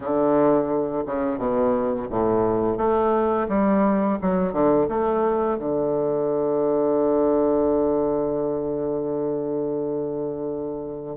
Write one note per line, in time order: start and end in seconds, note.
0.00 1.03 D3
1.06 1.38 C#3
1.38 2.07 B2
2.09 2.77 A2
2.77 3.47 A3
3.48 4.18 G3
4.21 4.52 F#3
4.52 4.87 D3
4.88 5.58 A3
5.58 11.16 D3